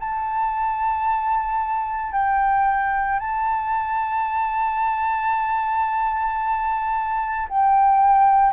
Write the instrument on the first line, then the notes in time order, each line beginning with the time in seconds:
flute
0.00 A5
2.12 G5
3.19 A5
7.49 G5